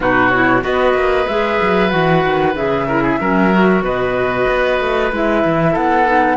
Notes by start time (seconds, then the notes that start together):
0.00 B2 D#4 F#4 B4
0.29 E4 C#5
0.61 B3 F#4 B4 D#5
0.94 A#3
1.27 G#3 G#4 E5
1.61 F#3
1.89 E3 F#4 F#5
2.24 D#3
2.55 C#3 G#4 E5
2.87 E4 A#4
3.02 G#4
3.19 F#3 C#4 A#4
3.52 F#4
3.82 B2 B4 D#5
4.48 B3
4.80 A3
5.12 G#3 E4 E5
5.44 E3
5.72 B3 A4 F#5
6.05 D#4